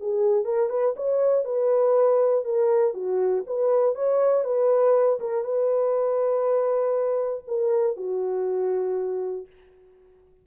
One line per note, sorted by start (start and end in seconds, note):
0.00 0.44 G#4
0.44 0.69 A#4
0.69 0.94 B4
0.96 1.44 C#5
1.44 2.44 B4
2.45 2.94 A#4
2.94 3.44 F#4
3.47 3.95 B4
3.95 4.44 C#5
4.44 5.19 B4
5.20 5.44 A#4
5.44 7.44 B4
7.47 7.96 A#4
7.96 9.46 F#4